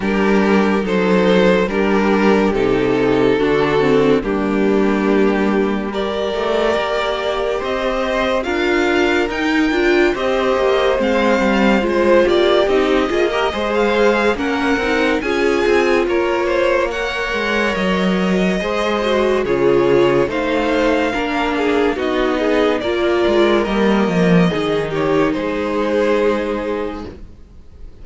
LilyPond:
<<
  \new Staff \with { instrumentName = "violin" } { \time 4/4 \tempo 4 = 71 ais'4 c''4 ais'4 a'4~ | a'4 g'2 d''4~ | d''4 dis''4 f''4 g''4 | dis''4 f''4 c''8 d''8 dis''4~ |
dis''16 f''8. fis''4 gis''4 cis''4 | fis''4 dis''2 cis''4 | f''2 dis''4 d''4 | dis''4. cis''8 c''2 | }
  \new Staff \with { instrumentName = "violin" } { \time 4/4 g'4 a'4 g'2 | fis'4 d'2 ais'4~ | ais'4 c''4 ais'2 | c''2~ c''8 g'4 gis'16 ais'16 |
c''4 ais'4 gis'4 ais'8 c''8 | cis''2 c''4 gis'4 | c''4 ais'8 gis'8 fis'8 gis'8 ais'4~ | ais'4 gis'8 g'8 gis'2 | }
  \new Staff \with { instrumentName = "viola" } { \time 4/4 d'4 dis'4 d'4 dis'4 | d'8 c'8 ais2 g'4~ | g'2 f'4 dis'8 f'8 | g'4 c'4 f'4 dis'8 f'16 g'16 |
gis'4 cis'8 dis'8 f'2 | ais'2 gis'8 fis'8 f'4 | dis'4 d'4 dis'4 f'4 | ais4 dis'2. | }
  \new Staff \with { instrumentName = "cello" } { \time 4/4 g4 fis4 g4 c4 | d4 g2~ g8 a8 | ais4 c'4 d'4 dis'8 d'8 | c'8 ais8 gis8 g8 gis8 ais8 c'8 ais8 |
gis4 ais8 c'8 cis'8 c'8 ais4~ | ais8 gis8 fis4 gis4 cis4 | a4 ais4 b4 ais8 gis8 | g8 f8 dis4 gis2 | }
>>